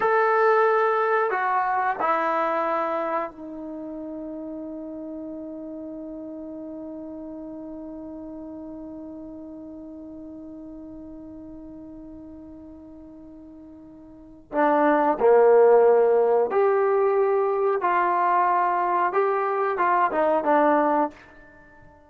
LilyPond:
\new Staff \with { instrumentName = "trombone" } { \time 4/4 \tempo 4 = 91 a'2 fis'4 e'4~ | e'4 dis'2.~ | dis'1~ | dis'1~ |
dis'1~ | dis'2 d'4 ais4~ | ais4 g'2 f'4~ | f'4 g'4 f'8 dis'8 d'4 | }